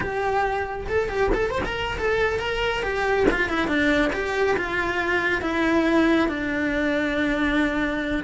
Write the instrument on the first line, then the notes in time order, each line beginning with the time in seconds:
cello
0.00 G4
0.88 A4
1.08 G4
1.34 A4
1.50 C5
1.65 A#4
1.98 A4
2.39 A#4
2.82 G4
3.30 F4
3.49 E4
3.67 D4
4.13 G4
4.56 F4
5.41 E4
6.28 D4